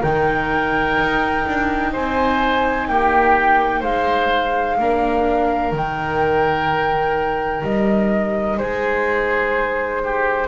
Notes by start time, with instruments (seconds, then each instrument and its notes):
0.00 double bass D#3, viola D#4, oboe A#4, flute G5
0.97 double bass D#4
1.46 double bass D4
1.92 double bass C4, oboe C5, flute G#5
2.87 double bass A#3, oboe G4, flute G5
3.80 double bass G#3, oboe C5, flute F5
4.78 double bass A#3, viola D4, oboe A#4
5.71 double bass D#3, viola D#4, flute G5
7.62 double bass G3, flute D#5
8.57 double bass G#3, oboe G#4, flute C5
10.04 oboe G4